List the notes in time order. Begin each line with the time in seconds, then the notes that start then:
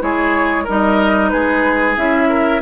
0.00 G#3 E4 G#4 C#5
0.64 G3 D#4 A#4 D#5
1.29 G#3 G#4 B4
1.96 C#4 E4 E5
2.29 A#4